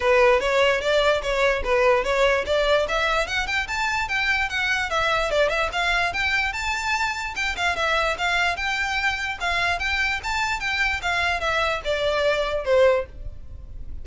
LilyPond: \new Staff \with { instrumentName = "violin" } { \time 4/4 \tempo 4 = 147 b'4 cis''4 d''4 cis''4 | b'4 cis''4 d''4 e''4 | fis''8 g''8 a''4 g''4 fis''4 | e''4 d''8 e''8 f''4 g''4 |
a''2 g''8 f''8 e''4 | f''4 g''2 f''4 | g''4 a''4 g''4 f''4 | e''4 d''2 c''4 | }